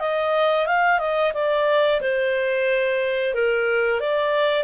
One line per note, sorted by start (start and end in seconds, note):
0.00 0.66 D#5
0.66 0.99 F5
0.99 1.32 D#5
1.34 2.01 D5
2.01 3.35 C5
3.35 4.01 A#4
4.01 4.64 D5